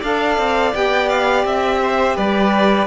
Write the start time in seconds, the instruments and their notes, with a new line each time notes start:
0.00 cello D4, saxophone A4, violin D5 F5
0.38 cello C4
0.74 cello B3, saxophone G4, violin G5
1.09 violin F5
1.44 cello C4, violin E5
1.82 violin C5
2.16 cello G3, violin B4 D5